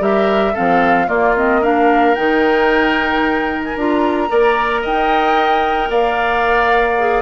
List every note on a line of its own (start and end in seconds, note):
0.00 0.54 G3
0.00 0.54 G4
0.00 0.53 A#4
0.00 0.56 E5
0.53 1.09 F3
0.53 1.07 C4
0.53 1.07 A4
0.53 1.09 F5
1.07 1.34 A#3
1.07 2.16 A#3
1.07 1.61 F4
1.07 1.36 D5
1.36 1.62 C4
1.36 1.64 D#5
1.61 2.16 D4
1.61 4.29 A#4
1.61 2.15 F5
2.15 3.76 D#3
2.15 3.77 D#4
2.15 3.62 G5
3.64 3.77 G#5
3.76 4.29 D4
3.76 4.29 F4
3.76 4.85 A#5
4.29 4.85 A#3
4.29 6.97 A#4
4.29 4.81 D5
4.81 5.90 D#4
4.81 5.89 D#5
4.81 5.91 G5
5.90 7.22 A#3
5.90 7.22 D5
5.90 7.22 F5
6.99 7.22 G#4